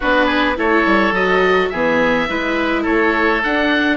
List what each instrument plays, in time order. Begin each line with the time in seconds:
0.00 bassoon B3, viola D4, oboe F#4 B4
0.25 oboe G#4
0.56 bassoon A3, viola E4, oboe A4 C#5
0.85 bassoon G3
1.11 bassoon F#3, viola F#4, oboe D#5
1.69 bassoon E3, viola B3, oboe G#4 E5
2.28 bassoon G#3, viola E4, oboe B4
2.82 bassoon A3, oboe A4 C#5
3.43 viola D4, bassoon D4, oboe F#5